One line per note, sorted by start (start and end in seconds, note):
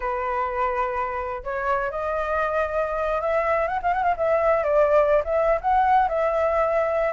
0.00 1.43 B4
1.43 1.90 C#5
1.90 3.21 D#5
3.21 3.67 E5
3.67 3.79 F#5
3.82 3.93 F5
3.93 4.03 F#5
4.03 4.15 F5
4.16 4.63 E5
4.63 5.23 D5
5.24 5.60 E5
5.61 6.08 F#5
6.08 7.13 E5